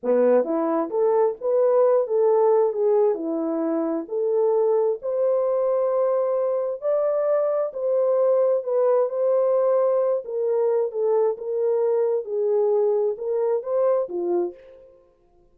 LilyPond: \new Staff \with { instrumentName = "horn" } { \time 4/4 \tempo 4 = 132 b4 e'4 a'4 b'4~ | b'8 a'4. gis'4 e'4~ | e'4 a'2 c''4~ | c''2. d''4~ |
d''4 c''2 b'4 | c''2~ c''8 ais'4. | a'4 ais'2 gis'4~ | gis'4 ais'4 c''4 f'4 | }